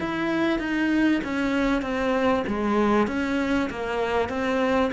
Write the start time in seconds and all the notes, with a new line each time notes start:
0.00 E4
0.60 D#4
1.24 C#4
1.82 C4
2.48 G#3
3.08 C#4
3.71 A#3
4.29 C4